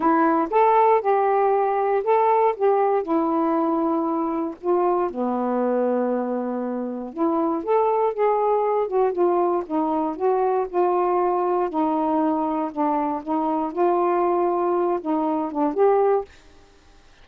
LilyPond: \new Staff \with { instrumentName = "saxophone" } { \time 4/4 \tempo 4 = 118 e'4 a'4 g'2 | a'4 g'4 e'2~ | e'4 f'4 b2~ | b2 e'4 a'4 |
gis'4. fis'8 f'4 dis'4 | fis'4 f'2 dis'4~ | dis'4 d'4 dis'4 f'4~ | f'4. dis'4 d'8 g'4 | }